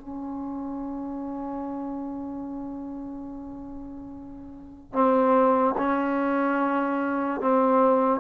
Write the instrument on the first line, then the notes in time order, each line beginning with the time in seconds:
trombone
0.00 C#4
4.92 C4
5.78 C#4
7.40 C4